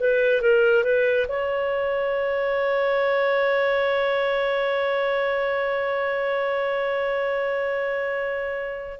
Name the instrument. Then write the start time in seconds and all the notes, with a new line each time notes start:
clarinet
0.00 B4
0.42 A#4
0.84 B4
1.29 C#5